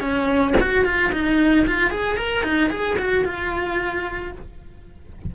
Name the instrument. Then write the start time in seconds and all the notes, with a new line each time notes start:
cello
0.00 C#4
0.60 F#4
0.84 F4
1.12 D#4
1.67 F4
1.90 G#4
2.17 A#4
2.43 D#4
2.70 G#4
2.98 F#4
3.25 F4